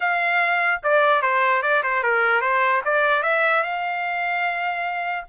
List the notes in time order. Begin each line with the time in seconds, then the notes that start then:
0.00 F5
0.83 D5
1.22 C5
1.62 D5
1.83 C5
2.03 A#4
2.41 C5
2.85 D5
3.22 E5
3.63 F5